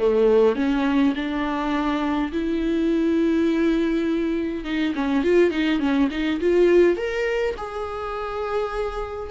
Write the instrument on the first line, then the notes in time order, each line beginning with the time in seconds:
viola
0.00 A3
0.56 C#4
1.16 D4
2.32 E4
4.65 D#4
4.96 C#4
5.24 F4
5.51 D#4
5.80 C#4
6.11 D#4
6.41 F4
6.97 A#4
7.58 G#4